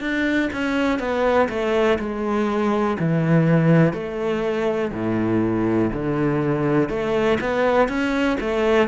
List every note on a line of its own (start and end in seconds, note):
0.00 0.49 D4
0.53 0.99 C#4
0.99 1.48 B3
1.49 1.98 A3
1.99 2.97 G#3
2.99 3.93 E3
3.93 4.91 A3
4.92 5.91 A2
5.92 6.89 D3
6.89 7.38 A3
7.40 7.88 B3
7.88 8.37 C#4
8.40 8.88 A3